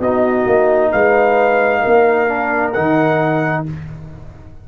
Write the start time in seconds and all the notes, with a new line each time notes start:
0.00 B3 D#4 F#4 D#5
0.47 A#3
0.92 G#3 B4 F5
1.82 A#3 A#4
2.28 D4
2.73 D#3 D#4 F#5